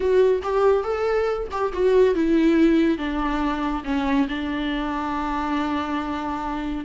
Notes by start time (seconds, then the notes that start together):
0.00 F#4
0.42 G4
0.83 A4
1.51 G4
1.72 F#4
2.14 E4
2.97 D4
3.84 C#4
4.28 D4